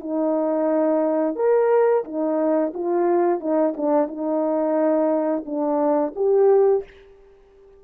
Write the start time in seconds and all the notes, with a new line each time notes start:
0.00 D#4
1.35 A#4
2.05 D#4
2.74 F4
3.40 D#4
3.77 D4
4.08 D#4
5.45 D4
6.15 G4